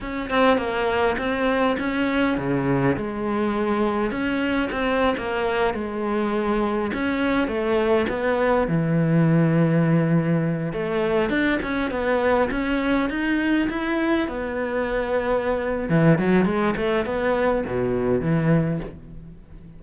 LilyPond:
\new Staff \with { instrumentName = "cello" } { \time 4/4 \tempo 4 = 102 cis'8 c'8 ais4 c'4 cis'4 | cis4 gis2 cis'4 | c'8. ais4 gis2 cis'16~ | cis'8. a4 b4 e4~ e16~ |
e2~ e16 a4 d'8 cis'16~ | cis'16 b4 cis'4 dis'4 e'8.~ | e'16 b2~ b8. e8 fis8 | gis8 a8 b4 b,4 e4 | }